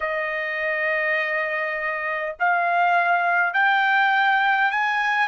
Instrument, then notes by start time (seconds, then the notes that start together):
trumpet
0.00 D#5
2.39 F5
3.53 G5
4.71 G#5